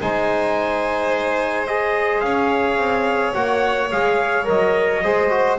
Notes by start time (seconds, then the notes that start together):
0.00 G#3 D#4 C5 G#5
1.67 G#4 D#5
2.20 C#4 C#5 F5
2.77 C4
3.34 A#3 F#4 F#5
3.91 G#3 G#4 F5
4.45 F#3 A#4 D#5
5.03 G#3 G#4 C5
5.30 F#4